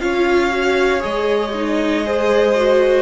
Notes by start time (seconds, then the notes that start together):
0.00 C#4 F4 C#5 F5
0.51 F#4
1.00 G#3 G#4 D#5
1.54 D#4
2.05 G#4 C5
2.56 F#4